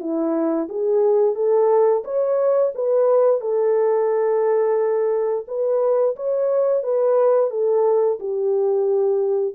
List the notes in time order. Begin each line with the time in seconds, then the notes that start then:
0.00 E4
0.69 G#4
1.35 A4
2.04 C#5
2.75 B4
3.41 A4
5.48 B4
6.16 C#5
6.83 B4
7.51 A4
8.20 G4